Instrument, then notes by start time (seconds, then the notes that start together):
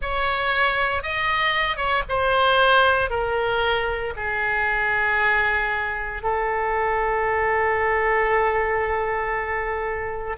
oboe
0.01 C#5
1.03 D#5
1.76 C#5
2.08 C5
3.10 A#4
4.16 G#4
6.22 A4